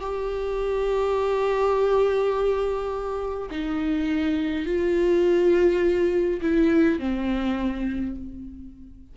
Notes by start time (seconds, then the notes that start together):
0.00 G4
3.51 D#4
4.66 F4
6.42 E4
6.99 C4